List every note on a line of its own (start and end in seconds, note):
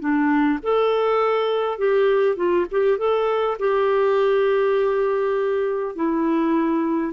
0.00 0.59 D4
0.63 1.78 A4
1.78 2.37 G4
2.37 2.66 F4
2.71 2.98 G4
2.98 3.58 A4
3.59 5.96 G4
5.96 7.13 E4